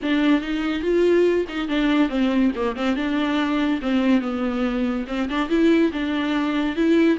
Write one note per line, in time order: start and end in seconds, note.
0.02 0.41 D4
0.41 0.82 D#4
0.82 1.45 F4
1.48 1.68 D#4
1.68 2.09 D4
2.09 2.51 C4
2.55 2.75 A#3
2.75 2.96 C4
2.96 3.80 D4
3.81 4.21 C4
4.21 5.05 B3
5.07 5.28 C4
5.29 5.49 D4
5.49 5.91 E4
5.92 6.75 D4
6.75 7.18 E4